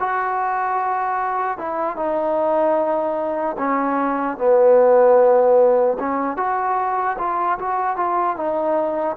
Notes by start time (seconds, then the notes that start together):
0.00 F#4
1.59 E4
1.97 D#4
3.59 C#4
4.38 B3
6.00 C#4
6.37 F#4
7.19 F4
7.59 F#4
7.97 F4
8.37 D#4